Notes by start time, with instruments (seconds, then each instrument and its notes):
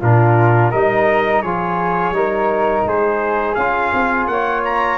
0.00 tuba A#2, trombone D4, flute F4, trumpet A#4
0.71 tuba G3, trombone D#4, flute A#4, trumpet D#5
1.42 tuba F3, trombone F4, flute G#4, trumpet C#5
2.11 tuba G3, trombone D#4, flute A#4
2.85 tuba G#3, flute G#4, trumpet C5
3.55 tuba C#4, trombone F4, trumpet F5
3.93 tuba C4
4.27 tuba A#3, flute C#5, trumpet F#5
4.65 trumpet A#5